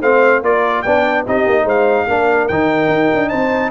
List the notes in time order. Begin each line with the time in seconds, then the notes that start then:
0.00 A3 C4 C5 F5
0.42 A#3 F4 A#4 D5
0.82 B3 D4 D5 G5
1.26 C4 D#4 G4 D#5
1.46 A#3
1.64 G#3 C5 F5
2.07 A#3 D4 A#4
2.48 D#3 D#4 G5
2.88 D#4
3.14 D4
3.29 C4 C5 A5